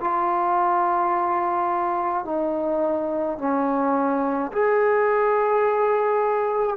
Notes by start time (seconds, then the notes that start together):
0.00 F4
2.25 D#4
3.38 C#4
4.52 G#4